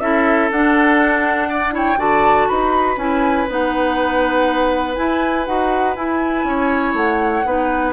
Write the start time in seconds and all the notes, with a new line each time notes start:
0.00 C#4 E4 A4 E5
0.51 D4 F#5
1.49 D5
1.71 E4 C#5 G5
1.97 D3 F#4 D5 A5
2.49 D#4 B4 B5
2.97 C#4 E4 G#5
3.49 B3 D#4 F#5
4.95 E4 G#5
5.46 D#4 F#4 F#5
5.95 E4 G#5
6.44 C#4 C#5
6.94 A3 F#5
7.45 B3 D#4 B4